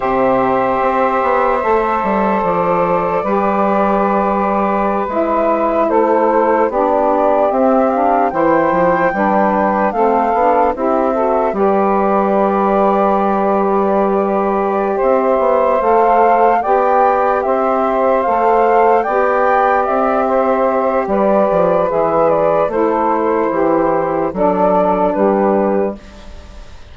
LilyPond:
<<
  \new Staff \with { instrumentName = "flute" } { \time 4/4 \tempo 4 = 74 e''2. d''4~ | d''2~ d''16 e''4 c''8.~ | c''16 d''4 e''8 f''8 g''4.~ g''16~ | g''16 f''4 e''4 d''4.~ d''16~ |
d''2~ d''8 e''4 f''8~ | f''8 g''4 e''4 f''4 g''8~ | g''8 e''4. d''4 e''8 d''8 | c''2 d''4 b'4 | }
  \new Staff \with { instrumentName = "saxophone" } { \time 4/4 c''1 | b'2.~ b'16 a'8.~ | a'16 g'2 c''4 b'8.~ | b'16 a'4 g'8 a'8 b'4.~ b'16~ |
b'2~ b'8 c''4.~ | c''8 d''4 c''2 d''8~ | d''4 c''4 b'2 | a'4 g'4 a'4 g'4 | }
  \new Staff \with { instrumentName = "saxophone" } { \time 4/4 g'2 a'2 | g'2~ g'16 e'4.~ e'16~ | e'16 d'4 c'8 d'8 e'4 d'8.~ | d'16 c'8 d'8 e'8 fis'8 g'4.~ g'16~ |
g'2.~ g'8 a'8~ | a'8 g'2 a'4 g'8~ | g'2. gis'4 | e'2 d'2 | }
  \new Staff \with { instrumentName = "bassoon" } { \time 4/4 c4 c'8 b8 a8 g8 f4 | g2~ g16 gis4 a8.~ | a16 b4 c'4 e8 f8 g8.~ | g16 a8 b8 c'4 g4.~ g16~ |
g2~ g8 c'8 b8 a8~ | a8 b4 c'4 a4 b8~ | b8 c'4. g8 f8 e4 | a4 e4 fis4 g4 | }
>>